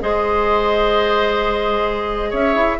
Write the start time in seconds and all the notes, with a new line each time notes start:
0.00 G#3 G#4 C5 D#5
2.30 C#4 C#5 E5
2.55 E4